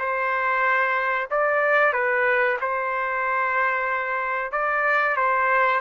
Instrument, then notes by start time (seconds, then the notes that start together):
trumpet
0.00 C5
1.31 D5
1.94 B4
2.62 C5
4.52 D5
5.17 C5